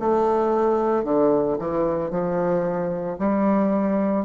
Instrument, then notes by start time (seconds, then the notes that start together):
bassoon
0.00 A3
1.04 D3
1.59 E3
2.10 F3
3.19 G3